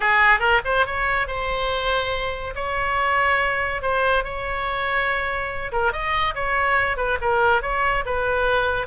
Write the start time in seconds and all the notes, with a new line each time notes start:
0.00 G#4
0.39 A#4
0.65 C5
0.86 C#5
1.27 C5
2.55 C#5
3.82 C5
4.23 C#5
5.72 A#4
5.92 D#5
6.34 C#5
6.96 B4
7.21 A#4
7.62 C#5
8.05 B4